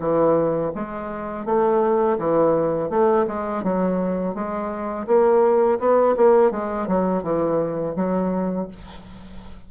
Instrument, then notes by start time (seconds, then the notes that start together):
bassoon
0.00 E3
0.76 G#3
1.46 A3
2.19 E3
2.90 A3
3.28 G#3
3.64 F#3
4.35 G#3
5.07 A#3
5.80 B3
6.17 A#3
6.52 G#3
6.88 F#3
7.24 E3
7.96 F#3